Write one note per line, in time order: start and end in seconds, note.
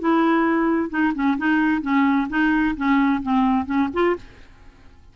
0.00 0.90 E4
0.90 1.13 D#4
1.15 1.37 C#4
1.38 1.82 D#4
1.82 2.28 C#4
2.29 2.75 D#4
2.77 3.22 C#4
3.22 3.66 C4
3.66 3.89 C#4
3.93 4.16 F4